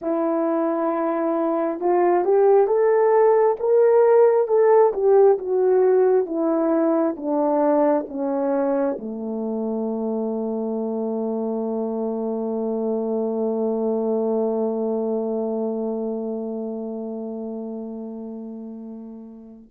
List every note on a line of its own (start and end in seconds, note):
0.01 1.80 E4
1.80 2.24 F4
2.24 2.67 G4
2.67 3.57 A4
3.59 4.47 A#4
4.47 4.92 A4
4.93 5.37 G4
5.38 6.26 F#4
6.26 7.15 E4
7.16 8.06 D4
8.08 8.97 C#4
8.98 19.70 A3